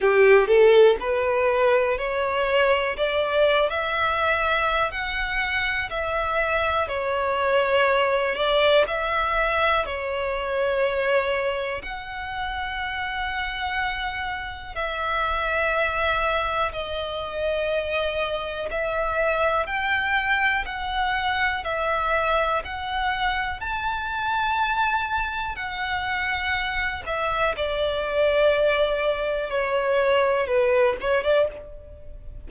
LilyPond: \new Staff \with { instrumentName = "violin" } { \time 4/4 \tempo 4 = 61 g'8 a'8 b'4 cis''4 d''8. e''16~ | e''4 fis''4 e''4 cis''4~ | cis''8 d''8 e''4 cis''2 | fis''2. e''4~ |
e''4 dis''2 e''4 | g''4 fis''4 e''4 fis''4 | a''2 fis''4. e''8 | d''2 cis''4 b'8 cis''16 d''16 | }